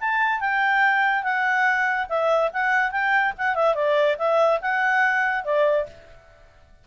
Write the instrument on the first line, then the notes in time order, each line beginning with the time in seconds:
clarinet
0.00 A5
0.40 G5
1.23 F#5
2.09 E5
2.53 F#5
2.91 G5
3.37 F#5
3.55 E5
3.75 D5
4.18 E5
4.61 F#5
5.44 D5